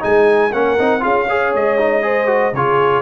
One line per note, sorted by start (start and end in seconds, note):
0.00 0.53 G#3
0.00 0.50 D#4
0.00 0.52 G#4
0.00 0.53 G#5
0.52 0.78 A#3
0.52 0.78 C#4
0.52 1.02 A#4
0.52 1.03 F#5
0.79 1.04 C4
0.79 1.00 D#4
1.00 1.54 C#4
1.00 1.25 F4
1.00 1.27 G#4
1.00 1.54 F5
1.29 1.79 G#4
1.29 2.04 C#5
1.54 2.53 G#3
1.54 2.55 D#5
1.79 2.03 D#4
2.03 2.27 G#4
2.03 2.54 C5
2.27 2.52 F#4
2.53 3.03 C#3
2.53 3.03 F4
2.53 3.03 G#4
2.53 3.03 C#5